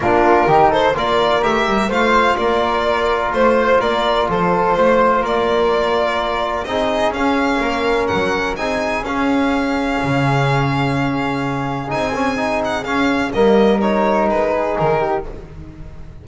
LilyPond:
<<
  \new Staff \with { instrumentName = "violin" } { \time 4/4 \tempo 4 = 126 ais'4. c''8 d''4 e''4 | f''4 d''2 c''4 | d''4 c''2 d''4~ | d''2 dis''4 f''4~ |
f''4 fis''4 gis''4 f''4~ | f''1~ | f''4 gis''4. fis''8 f''4 | dis''4 cis''4 b'4 ais'4 | }
  \new Staff \with { instrumentName = "flute" } { \time 4/4 f'4 g'8 a'8 ais'2 | c''4 ais'2 c''4 | ais'4 a'4 c''4 ais'4~ | ais'2 gis'2 |
ais'2 gis'2~ | gis'1~ | gis'1 | ais'2~ ais'8 gis'4 g'8 | }
  \new Staff \with { instrumentName = "trombone" } { \time 4/4 d'4 dis'4 f'4 g'4 | f'1~ | f'1~ | f'2 dis'4 cis'4~ |
cis'2 dis'4 cis'4~ | cis'1~ | cis'4 dis'8 cis'8 dis'4 cis'4 | ais4 dis'2. | }
  \new Staff \with { instrumentName = "double bass" } { \time 4/4 ais4 dis4 ais4 a8 g8 | a4 ais2 a4 | ais4 f4 a4 ais4~ | ais2 c'4 cis'4 |
ais4 fis4 c'4 cis'4~ | cis'4 cis2.~ | cis4 c'2 cis'4 | g2 gis4 dis4 | }
>>